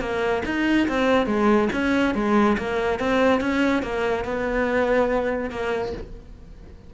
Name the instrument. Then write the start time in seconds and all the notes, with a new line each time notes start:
cello
0.00 A#3
0.45 D#4
0.88 C4
1.26 G#3
1.72 C#4
2.14 G#3
2.58 A#3
2.99 C4
3.41 C#4
3.82 A#3
4.24 B3
5.50 A#3